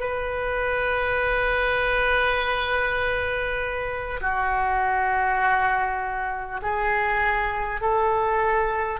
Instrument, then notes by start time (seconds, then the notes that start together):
oboe
0.00 B4
4.21 F#4
6.62 G#4
7.81 A4